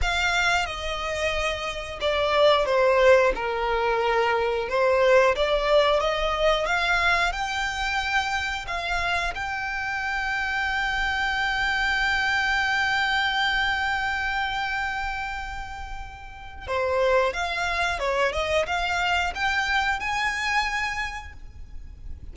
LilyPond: \new Staff \with { instrumentName = "violin" } { \time 4/4 \tempo 4 = 90 f''4 dis''2 d''4 | c''4 ais'2 c''4 | d''4 dis''4 f''4 g''4~ | g''4 f''4 g''2~ |
g''1~ | g''1~ | g''4 c''4 f''4 cis''8 dis''8 | f''4 g''4 gis''2 | }